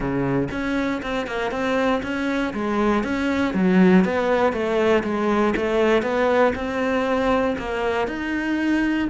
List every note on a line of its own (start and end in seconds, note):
0.00 0.48 C#3
0.51 1.01 C#4
1.02 1.26 C4
1.26 1.51 A#3
1.51 2.01 C4
2.02 2.53 C#4
2.53 3.03 G#3
3.03 3.54 C#4
3.54 4.04 F#3
4.04 4.52 B3
4.52 5.03 A3
5.03 5.53 G#3
5.56 6.02 A3
6.02 6.52 B3
6.55 7.56 C4
7.58 8.07 A#3
8.07 9.08 D#4